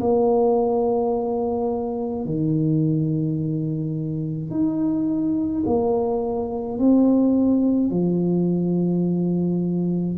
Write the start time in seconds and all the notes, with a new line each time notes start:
0.00 A#3
2.25 D#3
4.50 D#4
5.66 A#3
6.78 C4
7.90 F3